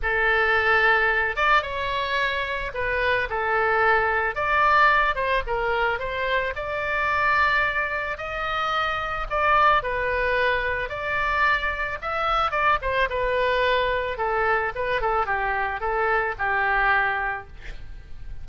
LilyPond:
\new Staff \with { instrumentName = "oboe" } { \time 4/4 \tempo 4 = 110 a'2~ a'8 d''8 cis''4~ | cis''4 b'4 a'2 | d''4. c''8 ais'4 c''4 | d''2. dis''4~ |
dis''4 d''4 b'2 | d''2 e''4 d''8 c''8 | b'2 a'4 b'8 a'8 | g'4 a'4 g'2 | }